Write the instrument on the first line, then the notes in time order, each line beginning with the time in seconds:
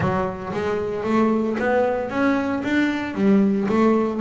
double bass
0.00 F#3
0.53 G#3
1.03 A3
1.58 B3
2.10 C#4
2.63 D4
3.14 G3
3.68 A3